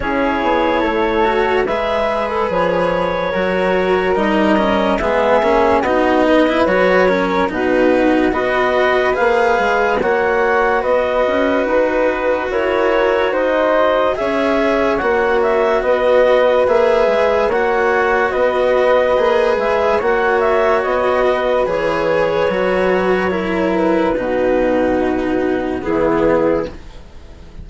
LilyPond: <<
  \new Staff \with { instrumentName = "clarinet" } { \time 4/4 \tempo 4 = 72 cis''2 e''8. a'16 cis''4~ | cis''4 dis''4 e''4 dis''4 | cis''4 b'4 dis''4 f''4 | fis''4 dis''4 b'4 cis''4 |
dis''4 e''4 fis''8 e''8 dis''4 | e''4 fis''4 dis''4. e''8 | fis''8 e''8 dis''4 cis''2~ | cis''8 b'2~ b'8 gis'4 | }
  \new Staff \with { instrumentName = "flute" } { \time 4/4 gis'4 a'4 b'2 | ais'2 gis'4 fis'8 b'8~ | b'8 ais'8 fis'4 b'2 | cis''4 b'2 ais'4 |
c''4 cis''2 b'4~ | b'4 cis''4 b'2 | cis''4. b'2~ b'8 | ais'4 fis'2 e'4 | }
  \new Staff \with { instrumentName = "cello" } { \time 4/4 e'4. fis'8 gis'2 | fis'4 dis'8 cis'8 b8 cis'8 dis'8. e'16 | fis'8 cis'8 dis'4 fis'4 gis'4 | fis'1~ |
fis'4 gis'4 fis'2 | gis'4 fis'2 gis'4 | fis'2 gis'4 fis'4 | e'4 dis'2 b4 | }
  \new Staff \with { instrumentName = "bassoon" } { \time 4/4 cis'8 b8 a4 gis4 f4 | fis4 g4 gis8 ais8 b4 | fis4 b,4 b4 ais8 gis8 | ais4 b8 cis'8 dis'4 e'4 |
dis'4 cis'4 ais4 b4 | ais8 gis8 ais4 b4 ais8 gis8 | ais4 b4 e4 fis4~ | fis4 b,2 e4 | }
>>